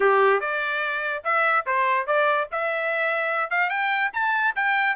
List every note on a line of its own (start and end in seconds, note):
0.00 0.40 G4
0.40 1.23 D5
1.24 1.65 E5
1.66 2.06 C5
2.06 2.48 D5
2.51 3.50 E5
3.50 3.69 F5
3.69 4.11 G5
4.13 4.54 A5
4.55 4.96 G5